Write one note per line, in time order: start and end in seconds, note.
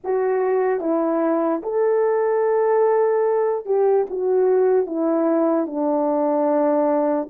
0.04 0.80 F#4
0.80 1.61 E4
1.63 3.65 A4
3.65 4.06 G4
4.10 4.86 F#4
4.86 5.66 E4
5.66 7.28 D4